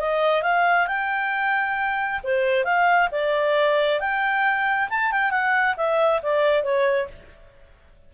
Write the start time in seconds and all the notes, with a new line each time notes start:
0.00 D#5
0.43 F5
0.88 G5
2.24 C5
2.65 F5
3.12 D5
4.00 G5
4.90 A5
5.12 G5
5.31 F#5
5.77 E5
6.23 D5
6.63 C#5